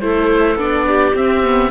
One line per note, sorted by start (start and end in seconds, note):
0.00 0.56 A3
0.00 0.58 E4
0.00 0.88 A4
0.00 0.57 C5
0.56 1.12 B3
0.56 1.14 D4
0.56 1.16 D5
0.88 1.71 G4
1.14 1.71 C4
1.14 1.43 C4
1.14 1.71 E5
1.43 1.71 B3